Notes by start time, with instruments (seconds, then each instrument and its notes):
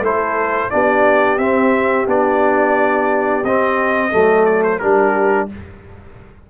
0.00 tuba A3, trombone E4, horn A4, trumpet C5
0.70 tuba B3, trombone D4, horn G4, trumpet D5
1.38 tuba C4, trombone C4, trumpet E5
2.07 tuba B3, trombone D4, trumpet D5
3.43 tuba C4, trombone C4, trumpet D#5
4.11 tuba F#3, trombone A3, horn A4
4.45 trumpet D5
4.63 trumpet C5
4.79 tuba G3, trombone D4, horn G4, trumpet A#4